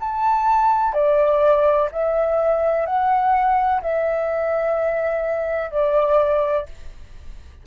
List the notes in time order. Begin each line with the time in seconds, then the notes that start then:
0.00 A5
0.94 D5
1.92 E5
2.86 F#5
3.82 E5
5.71 D5